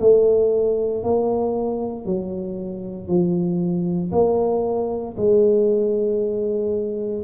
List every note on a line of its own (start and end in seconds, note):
0.00 1.03 A3
1.03 2.05 A#3
2.05 3.08 F#3
3.08 4.11 F3
4.11 5.15 A#3
5.17 7.24 G#3